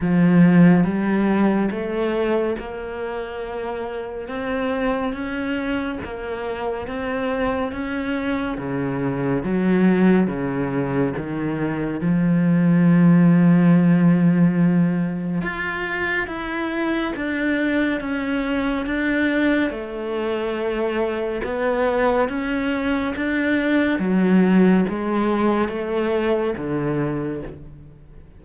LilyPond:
\new Staff \with { instrumentName = "cello" } { \time 4/4 \tempo 4 = 70 f4 g4 a4 ais4~ | ais4 c'4 cis'4 ais4 | c'4 cis'4 cis4 fis4 | cis4 dis4 f2~ |
f2 f'4 e'4 | d'4 cis'4 d'4 a4~ | a4 b4 cis'4 d'4 | fis4 gis4 a4 d4 | }